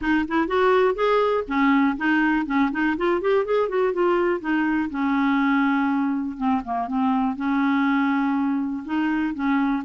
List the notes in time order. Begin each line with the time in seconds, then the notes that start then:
0.01 D#4
0.27 E4
0.47 F#4
0.94 G#4
1.47 C#4
1.97 D#4
2.46 C#4
2.71 D#4
2.97 F4
3.21 G4
3.45 G#4
3.68 F#4
3.93 F4
4.40 D#4
4.90 C#4
6.37 C4
6.64 A#3
6.87 C4
7.36 C#4
8.85 D#4
9.34 C#4